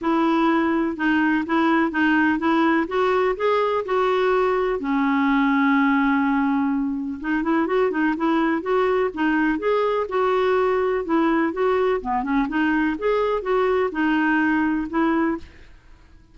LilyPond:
\new Staff \with { instrumentName = "clarinet" } { \time 4/4 \tempo 4 = 125 e'2 dis'4 e'4 | dis'4 e'4 fis'4 gis'4 | fis'2 cis'2~ | cis'2. dis'8 e'8 |
fis'8 dis'8 e'4 fis'4 dis'4 | gis'4 fis'2 e'4 | fis'4 b8 cis'8 dis'4 gis'4 | fis'4 dis'2 e'4 | }